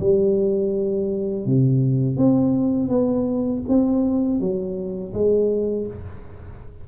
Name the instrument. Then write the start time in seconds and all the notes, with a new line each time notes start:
tuba
0.00 G3
1.45 C3
2.17 C4
2.89 B3
3.68 C4
4.40 F#3
5.13 G#3